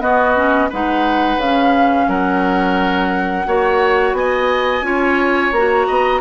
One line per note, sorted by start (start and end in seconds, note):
0.00 0.34 B3
0.00 0.69 B3
0.00 0.69 F#4
0.00 0.69 D#5
0.35 0.69 C#4
0.69 1.36 G#3
0.69 1.41 D#4
0.69 2.07 B4
0.69 1.40 F#5
1.36 2.05 C#3
1.36 3.46 C#4
1.36 2.09 F5
2.08 3.46 F#3
2.08 3.46 A#4
2.08 4.14 F#5
3.46 4.12 A#3
3.46 4.83 F#4
3.46 4.16 C#5
4.12 4.81 B3
4.12 4.86 D#5
4.12 5.52 G#5
4.81 5.50 C#4
4.81 5.52 F4
4.81 5.87 C#5
5.52 5.86 A#3
5.52 6.20 F#4
5.52 6.20 A#5
5.87 6.20 B3
5.87 6.20 D#5